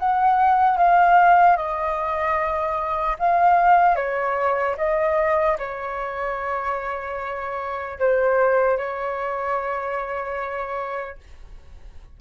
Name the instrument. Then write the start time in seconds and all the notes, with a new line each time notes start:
flute
0.00 F#5
0.78 F5
1.57 D#5
3.20 F5
3.96 C#5
4.78 D#5
5.59 C#5
7.99 C5
8.78 C#5